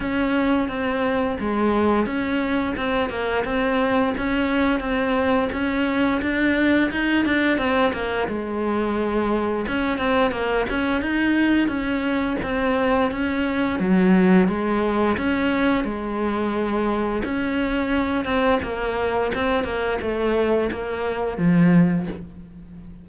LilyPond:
\new Staff \with { instrumentName = "cello" } { \time 4/4 \tempo 4 = 87 cis'4 c'4 gis4 cis'4 | c'8 ais8 c'4 cis'4 c'4 | cis'4 d'4 dis'8 d'8 c'8 ais8 | gis2 cis'8 c'8 ais8 cis'8 |
dis'4 cis'4 c'4 cis'4 | fis4 gis4 cis'4 gis4~ | gis4 cis'4. c'8 ais4 | c'8 ais8 a4 ais4 f4 | }